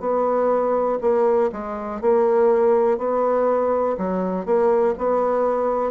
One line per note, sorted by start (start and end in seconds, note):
0.00 0.98 B3
1.01 1.51 A#3
1.52 2.01 G#3
2.01 2.98 A#3
2.98 3.97 B3
3.97 4.46 F#3
4.46 4.95 A#3
4.98 5.92 B3